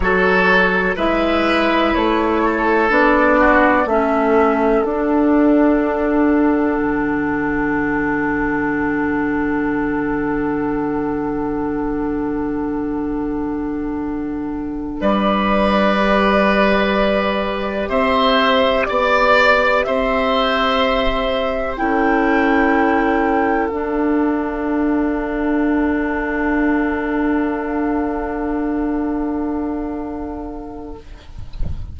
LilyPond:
<<
  \new Staff \with { instrumentName = "flute" } { \time 4/4 \tempo 4 = 62 cis''4 e''4 cis''4 d''4 | e''4 fis''2.~ | fis''1~ | fis''2.~ fis''8 d''8~ |
d''2~ d''8 e''4 d''8~ | d''8 e''2 g''4.~ | g''8 f''2.~ f''8~ | f''1 | }
  \new Staff \with { instrumentName = "oboe" } { \time 4/4 a'4 b'4. a'4 fis'8 | a'1~ | a'1~ | a'2.~ a'8 b'8~ |
b'2~ b'8 c''4 d''8~ | d''8 c''2 a'4.~ | a'1~ | a'1 | }
  \new Staff \with { instrumentName = "clarinet" } { \time 4/4 fis'4 e'2 d'4 | cis'4 d'2.~ | d'1~ | d'1~ |
d'8 g'2.~ g'8~ | g'2~ g'8 e'4.~ | e'8 d'2.~ d'8~ | d'1 | }
  \new Staff \with { instrumentName = "bassoon" } { \time 4/4 fis4 gis4 a4 b4 | a4 d'2 d4~ | d1~ | d2.~ d8 g8~ |
g2~ g8 c'4 b8~ | b8 c'2 cis'4.~ | cis'8 d'2.~ d'8~ | d'1 | }
>>